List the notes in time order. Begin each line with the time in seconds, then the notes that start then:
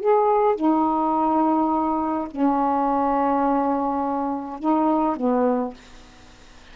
0.00 G#4
0.56 D#4
2.31 C#4
4.59 D#4
5.16 B3